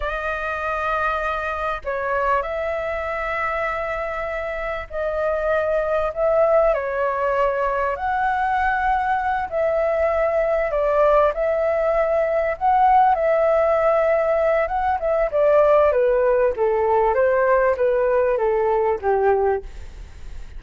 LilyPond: \new Staff \with { instrumentName = "flute" } { \time 4/4 \tempo 4 = 98 dis''2. cis''4 | e''1 | dis''2 e''4 cis''4~ | cis''4 fis''2~ fis''8 e''8~ |
e''4. d''4 e''4.~ | e''8 fis''4 e''2~ e''8 | fis''8 e''8 d''4 b'4 a'4 | c''4 b'4 a'4 g'4 | }